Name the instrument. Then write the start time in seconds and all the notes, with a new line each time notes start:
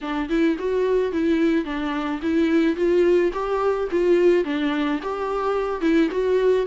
viola
0.01 D4
0.29 E4
0.59 F#4
1.12 E4
1.65 D4
2.21 E4
2.76 F4
3.33 G4
3.91 F4
4.44 D4
5.02 G4
5.81 E4
6.10 F#4